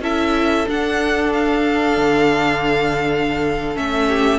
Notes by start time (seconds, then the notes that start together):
0.00 C#4 E4 A4 E5
0.67 D4 F#5
1.32 F5
1.97 D3
3.75 A3 C#4 E5
4.07 G4